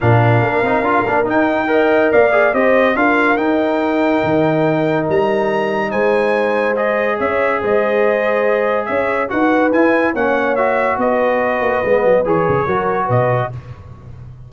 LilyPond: <<
  \new Staff \with { instrumentName = "trumpet" } { \time 4/4 \tempo 4 = 142 f''2. g''4~ | g''4 f''4 dis''4 f''4 | g''1 | ais''2 gis''2 |
dis''4 e''4 dis''2~ | dis''4 e''4 fis''4 gis''4 | fis''4 e''4 dis''2~ | dis''4 cis''2 dis''4 | }
  \new Staff \with { instrumentName = "horn" } { \time 4/4 ais'1 | dis''4 d''4 c''4 ais'4~ | ais'1~ | ais'2 c''2~ |
c''4 cis''4 c''2~ | c''4 cis''4 b'2 | cis''2 b'2~ | b'2 ais'4 b'4 | }
  \new Staff \with { instrumentName = "trombone" } { \time 4/4 d'4. dis'8 f'8 d'8 dis'4 | ais'4. gis'8 g'4 f'4 | dis'1~ | dis'1 |
gis'1~ | gis'2 fis'4 e'4 | cis'4 fis'2. | b4 gis'4 fis'2 | }
  \new Staff \with { instrumentName = "tuba" } { \time 4/4 ais,4 ais8 c'8 d'8 ais8 dis'4~ | dis'4 ais4 c'4 d'4 | dis'2 dis2 | g2 gis2~ |
gis4 cis'4 gis2~ | gis4 cis'4 dis'4 e'4 | ais2 b4. ais8 | gis8 fis8 e8 cis8 fis4 b,4 | }
>>